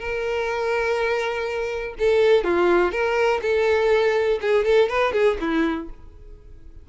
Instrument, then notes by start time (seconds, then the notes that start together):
violin
0.00 A#4
1.99 A4
2.44 F4
2.92 A#4
3.43 A4
4.42 G#4
4.65 A4
4.89 B4
5.13 G#4
5.41 E4